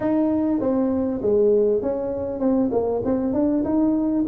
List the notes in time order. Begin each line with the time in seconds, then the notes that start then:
0.00 D#4
0.60 C4
1.22 G#3
1.82 C#4
2.39 C4
2.71 A#3
3.04 C4
3.33 D4
3.64 D#4